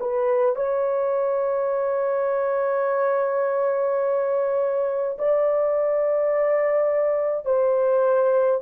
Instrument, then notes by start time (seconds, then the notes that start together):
horn
0.00 B4
0.56 C#5
5.18 D5
7.45 C5